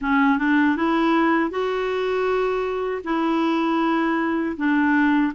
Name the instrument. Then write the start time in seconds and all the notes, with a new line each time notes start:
clarinet
0.01 C#4
0.38 D4
0.76 E4
1.50 F#4
3.04 E4
4.56 D4